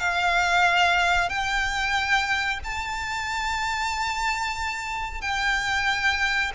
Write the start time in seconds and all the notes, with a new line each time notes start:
0.00 F5
1.30 G5
2.64 A5
5.21 G5